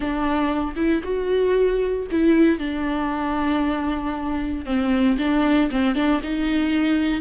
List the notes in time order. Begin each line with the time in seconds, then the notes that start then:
0.00 D4
0.76 E4
1.03 F#4
2.11 E4
2.58 D4
4.65 C4
5.18 D4
5.70 C4
5.95 D4
6.23 D#4